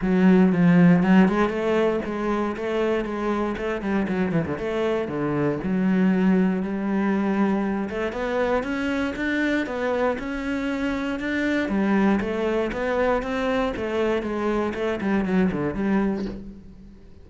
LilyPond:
\new Staff \with { instrumentName = "cello" } { \time 4/4 \tempo 4 = 118 fis4 f4 fis8 gis8 a4 | gis4 a4 gis4 a8 g8 | fis8 e16 d16 a4 d4 fis4~ | fis4 g2~ g8 a8 |
b4 cis'4 d'4 b4 | cis'2 d'4 g4 | a4 b4 c'4 a4 | gis4 a8 g8 fis8 d8 g4 | }